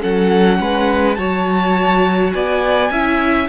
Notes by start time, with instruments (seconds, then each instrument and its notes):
0.00 cello F#3, viola C#4, violin A4 F#5
0.59 cello G#3, violin B4
1.15 cello F#3, viola F#4, violin C#5 A5
2.31 cello B3, violin D5 G#5
2.89 cello C#4, viola E4, violin E5